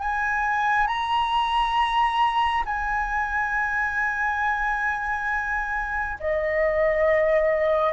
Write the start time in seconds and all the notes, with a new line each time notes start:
0.00 G#5
0.87 A#5
2.65 G#5
6.20 D#5